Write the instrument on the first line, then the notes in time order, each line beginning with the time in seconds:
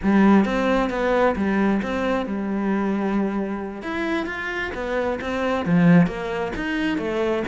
cello
0.02 G3
0.45 C4
0.90 B3
1.36 G3
1.82 C4
2.26 G3
3.82 E4
4.26 F4
4.74 B3
5.20 C4
5.65 F3
6.07 A#3
6.56 D#4
6.98 A3